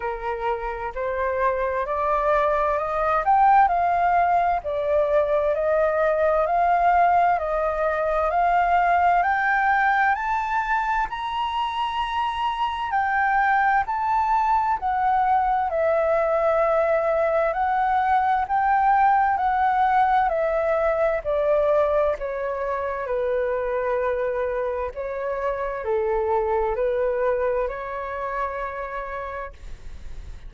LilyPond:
\new Staff \with { instrumentName = "flute" } { \time 4/4 \tempo 4 = 65 ais'4 c''4 d''4 dis''8 g''8 | f''4 d''4 dis''4 f''4 | dis''4 f''4 g''4 a''4 | ais''2 g''4 a''4 |
fis''4 e''2 fis''4 | g''4 fis''4 e''4 d''4 | cis''4 b'2 cis''4 | a'4 b'4 cis''2 | }